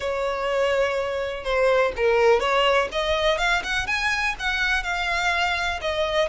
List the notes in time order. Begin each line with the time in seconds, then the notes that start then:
0.00 C#5
1.44 C5
1.96 A#4
2.40 C#5
2.92 D#5
3.38 F5
3.63 F#5
3.86 G#5
4.39 F#5
4.83 F5
5.81 D#5